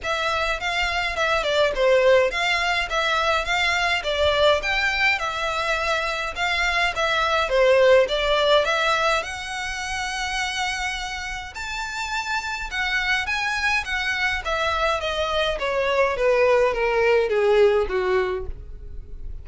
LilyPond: \new Staff \with { instrumentName = "violin" } { \time 4/4 \tempo 4 = 104 e''4 f''4 e''8 d''8 c''4 | f''4 e''4 f''4 d''4 | g''4 e''2 f''4 | e''4 c''4 d''4 e''4 |
fis''1 | a''2 fis''4 gis''4 | fis''4 e''4 dis''4 cis''4 | b'4 ais'4 gis'4 fis'4 | }